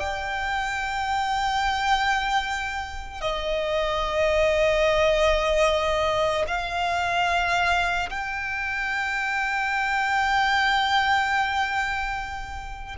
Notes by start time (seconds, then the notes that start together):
0.00 G5
3.22 D#5
6.48 F5
8.10 G5